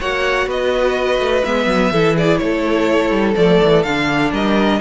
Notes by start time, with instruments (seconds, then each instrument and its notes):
0.00 cello A#3, viola F#4, violin C#5 F#5
0.46 cello B3, violin B4 D#5
1.19 cello A3
1.44 cello G#3, viola B3, violin E5
1.66 cello F#3
1.92 cello E3, viola E4, violin A4
2.15 violin G#4 D5
2.37 cello A3, violin A4 C#5
3.10 cello G3
3.36 cello F3, viola A3, violin D5
3.63 cello E3
3.83 cello D3, viola D4, violin F5
4.31 cello G3, violin A#4 D#5